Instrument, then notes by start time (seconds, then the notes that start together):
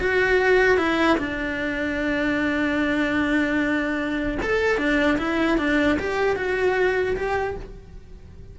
cello
0.00 F#4
0.78 E4
1.18 D4
4.43 A4
4.78 D4
5.18 E4
5.58 D4
6.00 G4
6.36 F#4
7.17 G4